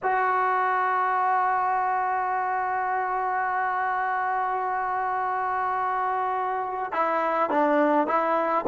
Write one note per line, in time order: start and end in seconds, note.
0.03 6.92 F#4
6.92 7.49 E4
7.49 8.07 D4
8.07 8.65 E4